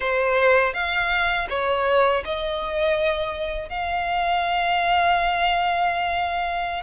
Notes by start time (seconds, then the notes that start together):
0.00 C5
0.73 F5
1.49 C#5
2.25 D#5
3.69 F5